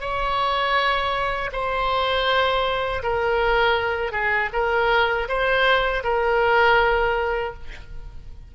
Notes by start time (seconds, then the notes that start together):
0.00 C#5
1.52 C5
3.02 A#4
4.12 G#4
4.52 A#4
5.28 C5
6.03 A#4